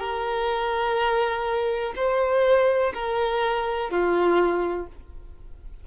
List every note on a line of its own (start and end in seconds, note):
0.00 1.94 A#4
1.97 2.93 C5
2.94 3.91 A#4
3.91 4.87 F4